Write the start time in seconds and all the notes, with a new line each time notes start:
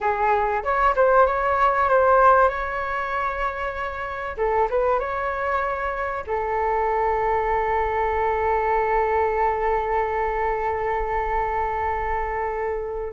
0.00 G#4
0.63 C#5
0.95 C5
1.26 C#5
1.89 C5
2.48 C#5
4.37 A4
4.70 B4
4.99 C#5
6.26 A4